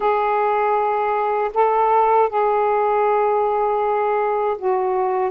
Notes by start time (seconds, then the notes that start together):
0.00 G#4
1.54 A4
2.29 G#4
4.58 F#4